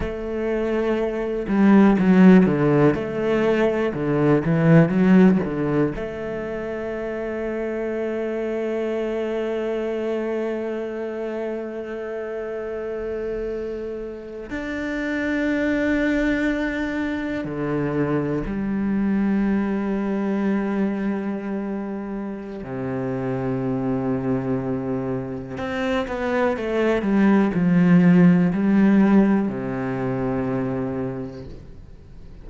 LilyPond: \new Staff \with { instrumentName = "cello" } { \time 4/4 \tempo 4 = 61 a4. g8 fis8 d8 a4 | d8 e8 fis8 d8 a2~ | a1~ | a2~ a8. d'4~ d'16~ |
d'4.~ d'16 d4 g4~ g16~ | g2. c4~ | c2 c'8 b8 a8 g8 | f4 g4 c2 | }